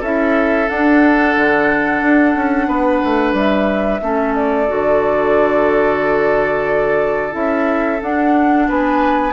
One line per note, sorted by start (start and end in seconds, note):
0.00 0.68 C#4
0.00 0.68 E4
0.00 2.67 A4
0.00 0.69 E5
0.68 4.01 D4
0.68 1.37 D4
0.68 3.35 F#5
1.37 2.02 D3
2.02 2.35 D4
2.36 2.68 C#4
2.68 3.01 B3
2.68 4.01 B4
3.04 3.33 A3
3.33 4.00 G3
3.33 4.35 E5
4.02 4.69 A3
4.02 4.67 C#4
4.02 8.68 A4
4.35 7.34 D5
4.67 7.34 D3
4.67 7.31 F#4
7.31 8.01 C#4
7.31 7.98 E4
7.31 8.01 E5
8.02 8.69 D4
8.02 9.33 D4
8.02 8.69 F#5
8.68 9.33 B3
8.68 9.33 B4
8.68 9.33 G#5